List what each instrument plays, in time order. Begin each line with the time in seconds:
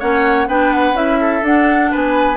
0.00 bassoon A#3, clarinet C#4, oboe C#5, flute F#5
0.48 bassoon B3, clarinet D4, oboe B4, flute G5
0.73 flute F#5
0.93 bassoon C#4, clarinet E4, flute E5
1.21 oboe A4
1.43 bassoon D4, clarinet D4, flute F#5
1.91 bassoon B3, oboe B4, flute G#5